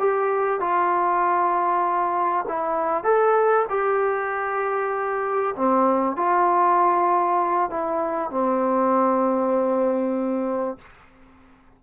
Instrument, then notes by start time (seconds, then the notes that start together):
trombone
0.00 G4
0.60 F4
2.48 E4
3.04 A4
3.70 G4
5.56 C4
6.17 F4
7.71 E4
8.31 C4